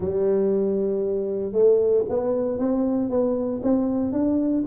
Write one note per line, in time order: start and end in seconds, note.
0.00 1.52 G3
1.52 2.04 A3
2.08 2.58 B3
2.58 3.09 C4
3.09 3.61 B3
3.63 4.12 C4
4.12 4.64 D4